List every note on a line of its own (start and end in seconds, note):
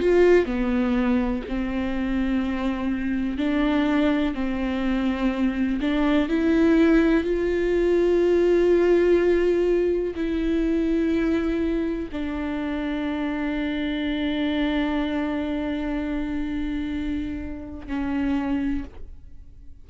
0.00 0.46 F4
0.46 1.43 B3
1.48 3.37 C4
3.37 4.34 D4
4.34 5.79 C4
5.81 6.29 D4
6.29 7.24 E4
7.24 10.14 F4
10.15 12.09 E4
12.12 17.87 D4
17.87 18.84 C#4